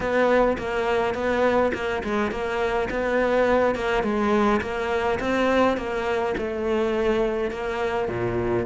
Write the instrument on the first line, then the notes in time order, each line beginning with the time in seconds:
cello
0.00 B3
0.58 A#3
1.14 B3
1.74 A#3
2.03 G#3
2.31 A#3
2.90 B3
3.75 A#3
4.03 G#3
4.61 A#3
5.19 C4
5.77 A#3
6.37 A3
7.51 A#3
8.08 A#2